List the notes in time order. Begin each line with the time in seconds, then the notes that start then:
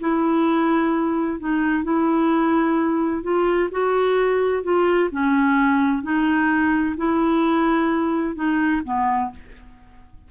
0.00 E4
1.39 D#4
1.84 E4
3.23 F4
3.71 F#4
4.63 F4
5.11 C#4
6.03 D#4
6.97 E4
8.35 D#4
8.84 B3